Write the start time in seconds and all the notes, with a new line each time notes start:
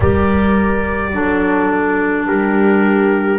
0.00 G3 G4 A#4 D5
1.12 F#3 D4 A4
2.26 G3 G4 A#4